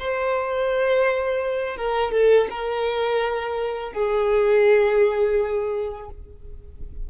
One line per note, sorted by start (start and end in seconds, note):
0.00 1.77 C5
1.77 2.12 A#4
2.12 2.48 A4
2.51 3.93 A#4
3.93 6.10 G#4